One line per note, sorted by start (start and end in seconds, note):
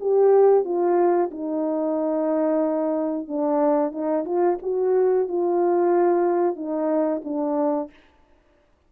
0.00 0.64 G4
0.64 1.30 F4
1.31 3.28 D#4
3.28 3.92 D4
3.92 4.25 D#4
4.25 4.58 F4
4.62 5.28 F#4
5.28 6.55 F4
6.55 7.21 D#4
7.24 7.90 D4